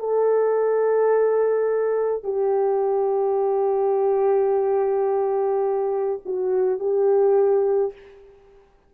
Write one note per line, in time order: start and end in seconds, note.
0.00 2.24 A4
2.24 6.20 G4
6.26 6.80 F#4
6.80 7.93 G4